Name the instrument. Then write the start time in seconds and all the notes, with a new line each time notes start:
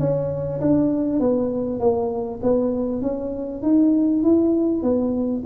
tuba
0.00 C#4
0.61 D4
1.20 B3
1.80 A#3
2.43 B3
3.02 C#4
3.63 D#4
4.23 E4
4.83 B3